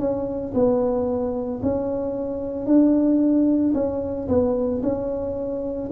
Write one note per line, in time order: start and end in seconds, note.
0.00 0.54 C#4
0.55 1.62 B3
1.63 2.66 C#4
2.66 3.74 D4
3.75 4.28 C#4
4.29 4.82 B3
4.83 5.90 C#4